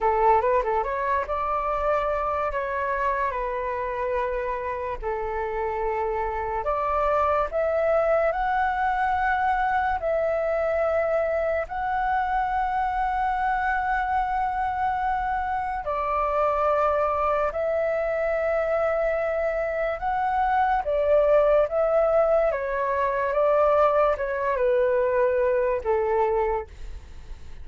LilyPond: \new Staff \with { instrumentName = "flute" } { \time 4/4 \tempo 4 = 72 a'8 b'16 a'16 cis''8 d''4. cis''4 | b'2 a'2 | d''4 e''4 fis''2 | e''2 fis''2~ |
fis''2. d''4~ | d''4 e''2. | fis''4 d''4 e''4 cis''4 | d''4 cis''8 b'4. a'4 | }